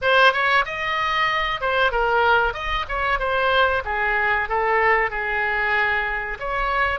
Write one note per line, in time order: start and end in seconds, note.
0.01 0.32 C5
0.32 0.64 C#5
0.65 1.60 D#5
1.60 1.91 C5
1.91 2.53 A#4
2.53 2.85 D#5
2.88 3.19 C#5
3.19 3.83 C5
3.85 4.48 G#4
4.48 5.10 A4
5.10 6.38 G#4
6.39 6.99 C#5